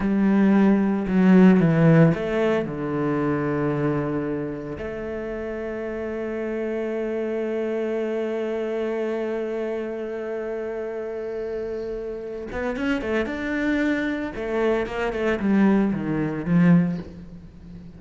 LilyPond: \new Staff \with { instrumentName = "cello" } { \time 4/4 \tempo 4 = 113 g2 fis4 e4 | a4 d2.~ | d4 a2.~ | a1~ |
a1~ | a2.~ a8 b8 | cis'8 a8 d'2 a4 | ais8 a8 g4 dis4 f4 | }